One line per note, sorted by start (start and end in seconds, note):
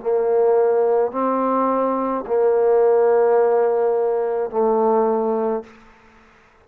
0.00 1.12 A#3
1.12 2.25 C4
2.27 4.51 A#3
4.51 5.64 A3